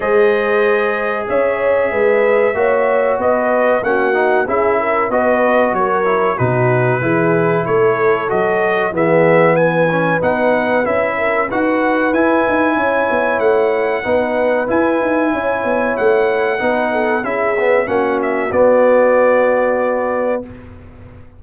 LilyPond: <<
  \new Staff \with { instrumentName = "trumpet" } { \time 4/4 \tempo 4 = 94 dis''2 e''2~ | e''4 dis''4 fis''4 e''4 | dis''4 cis''4 b'2 | cis''4 dis''4 e''4 gis''4 |
fis''4 e''4 fis''4 gis''4~ | gis''4 fis''2 gis''4~ | gis''4 fis''2 e''4 | fis''8 e''8 d''2. | }
  \new Staff \with { instrumentName = "horn" } { \time 4/4 c''2 cis''4 b'4 | cis''4 b'4 fis'4 gis'8 ais'8 | b'4 ais'4 fis'4 gis'4 | a'2 gis'4 b'4~ |
b'4. ais'8 b'2 | cis''2 b'2 | cis''2 b'8 a'8 gis'4 | fis'1 | }
  \new Staff \with { instrumentName = "trombone" } { \time 4/4 gis'1 | fis'2 cis'8 dis'8 e'4 | fis'4. e'8 dis'4 e'4~ | e'4 fis'4 b4. cis'8 |
dis'4 e'4 fis'4 e'4~ | e'2 dis'4 e'4~ | e'2 dis'4 e'8 b8 | cis'4 b2. | }
  \new Staff \with { instrumentName = "tuba" } { \time 4/4 gis2 cis'4 gis4 | ais4 b4 ais4 cis'4 | b4 fis4 b,4 e4 | a4 fis4 e2 |
b4 cis'4 dis'4 e'8 dis'8 | cis'8 b8 a4 b4 e'8 dis'8 | cis'8 b8 a4 b4 cis'4 | ais4 b2. | }
>>